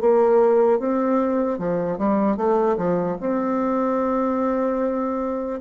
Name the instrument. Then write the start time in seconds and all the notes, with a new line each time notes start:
bassoon
0.00 A#3
0.79 C4
1.58 F3
1.98 G3
2.36 A3
2.77 F3
3.20 C4